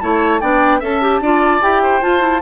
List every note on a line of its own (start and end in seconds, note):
0.00 0.41 A3
0.00 0.40 E4
0.00 0.41 C#5
0.00 0.40 A5
0.40 0.81 B3
0.40 0.81 D4
0.40 0.80 D5
0.40 0.80 G5
0.80 1.20 C#4
0.80 1.01 A4
0.80 1.20 E5
0.80 1.62 A5
1.02 1.22 G4
1.20 1.60 D4
1.20 1.61 F4
1.20 1.82 D5
1.61 2.02 E4
1.61 2.01 G4
1.61 2.02 G5
1.82 2.42 C5
2.02 2.20 F4
2.02 2.42 F4
2.02 2.42 A5
2.20 2.40 E4